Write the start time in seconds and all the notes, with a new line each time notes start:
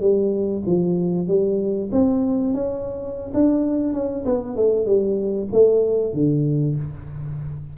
0.00 G3
0.66 F3
1.27 G3
1.91 C4
2.53 C#4
3.34 D4
3.93 C#4
4.25 B3
4.56 A3
4.86 G3
5.52 A3
6.13 D3